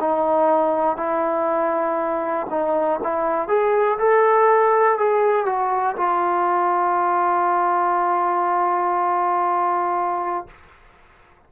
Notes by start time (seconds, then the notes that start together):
0.00 D#4
0.96 E4
2.50 D#4
3.03 E4
3.48 G#4
3.98 A4
4.98 G#4
5.45 F#4
5.97 F4